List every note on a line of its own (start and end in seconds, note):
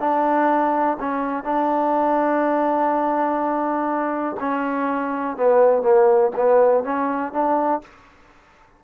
0.00 0.98 D4
1.00 1.44 C#4
1.44 4.37 D4
4.40 5.37 C#4
5.37 5.82 B3
5.82 6.31 A#3
6.36 6.84 B3
6.84 7.33 C#4
7.33 7.82 D4